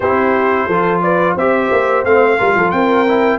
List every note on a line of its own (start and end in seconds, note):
0.00 0.67 C4
0.00 0.71 E4
0.00 0.67 G4
0.00 1.01 C5
0.67 1.36 F3
0.67 1.39 F4
0.67 1.01 A4
1.02 1.35 B4
1.02 1.36 D5
1.35 1.71 C4
1.35 2.05 G4
1.35 2.37 C5
1.35 2.05 E5
1.71 2.04 A#3
2.04 2.38 A3
2.04 2.38 C4
2.04 2.70 F5
2.37 2.55 G3
2.37 3.06 F4
2.37 2.54 A#4
2.55 2.72 F3
2.55 2.73 A4
2.70 3.38 C4
2.70 3.38 A#4
2.70 3.38 G5
3.08 3.38 E4